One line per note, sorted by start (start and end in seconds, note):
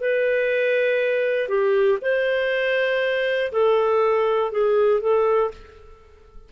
0.00 1.48 B4
1.48 1.98 G4
2.01 3.51 C5
3.52 4.51 A4
4.51 5.00 G#4
5.00 5.50 A4